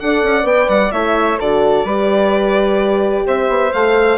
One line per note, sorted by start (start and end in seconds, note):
0.00 0.23 D4
0.00 0.43 A4
0.00 0.93 D5
0.00 0.46 F#5
0.23 0.44 C#4
0.43 0.67 B3
0.43 0.89 B4
0.43 0.69 G5
0.69 0.92 G3
0.69 0.91 F#5
0.91 1.39 A3
0.91 1.38 E4
0.91 1.39 C#5
0.91 1.38 E5
1.39 1.85 D3
1.39 1.87 F#4
1.39 1.85 A4
1.39 3.26 D5
1.85 3.24 G3
1.85 3.73 G4
1.85 3.24 B4
3.26 3.48 C4
3.26 4.18 C5
3.26 3.73 E5
3.48 3.72 B3
3.73 4.18 A3
3.73 4.18 A4
3.73 4.18 F5